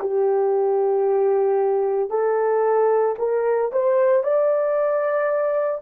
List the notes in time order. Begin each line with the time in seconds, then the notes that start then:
0.00 G4
2.10 A4
3.18 A#4
3.72 C5
4.23 D5